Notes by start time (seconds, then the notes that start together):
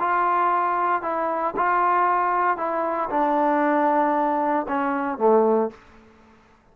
0.00 F4
1.03 E4
1.57 F4
2.58 E4
3.10 D4
4.68 C#4
5.19 A3